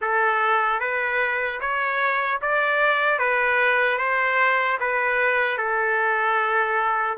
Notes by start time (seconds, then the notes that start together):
0.01 A4
0.80 B4
1.60 C#5
2.41 D5
3.18 B4
3.97 C5
4.80 B4
5.57 A4